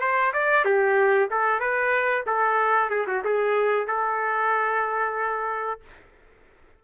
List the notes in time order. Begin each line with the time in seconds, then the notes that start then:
0.00 C5
0.33 D5
0.65 G4
1.30 A4
1.60 B4
2.26 A4
2.90 G#4
3.07 F#4
3.24 G#4
3.87 A4